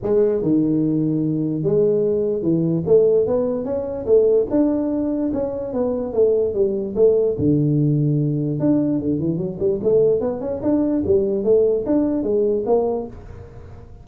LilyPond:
\new Staff \with { instrumentName = "tuba" } { \time 4/4 \tempo 4 = 147 gis4 dis2. | gis2 e4 a4 | b4 cis'4 a4 d'4~ | d'4 cis'4 b4 a4 |
g4 a4 d2~ | d4 d'4 d8 e8 fis8 g8 | a4 b8 cis'8 d'4 g4 | a4 d'4 gis4 ais4 | }